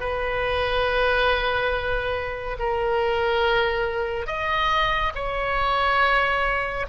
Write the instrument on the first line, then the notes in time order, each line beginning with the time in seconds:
oboe
0.00 B4
2.59 A#4
4.27 D#5
5.15 C#5